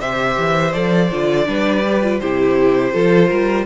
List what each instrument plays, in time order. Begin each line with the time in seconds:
0.00 cello C3, viola G4, violin C5 E5
0.38 cello E3
0.73 cello F3, viola A4, violin D5
1.11 cello D3, viola F4
1.45 cello G3, viola D4, violin B4
1.86 viola G4
2.03 viola F4
2.20 cello C3, viola E4, violin G4 C5
2.92 cello F3, viola F4, violin A4
3.28 cello G3, violin A#4